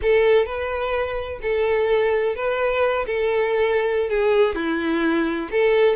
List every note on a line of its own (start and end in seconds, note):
0.01 0.45 A4
0.45 1.39 B4
1.42 2.35 A4
2.35 3.05 B4
3.06 4.09 A4
4.09 4.55 G#4
4.55 5.49 E4
5.51 5.96 A4